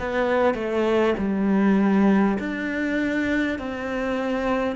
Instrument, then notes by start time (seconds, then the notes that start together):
cello
0.00 B3
0.55 A3
1.18 G3
2.39 D4
3.59 C4